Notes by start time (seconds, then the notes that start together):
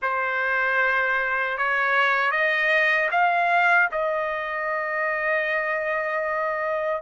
0.02 C5
1.57 C#5
2.31 D#5
3.11 F5
3.91 D#5